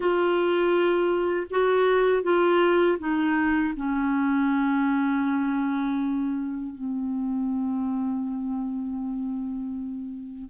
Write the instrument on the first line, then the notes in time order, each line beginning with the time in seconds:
clarinet
0.00 F4
1.50 F#4
2.23 F4
2.99 D#4
3.76 C#4
6.74 C4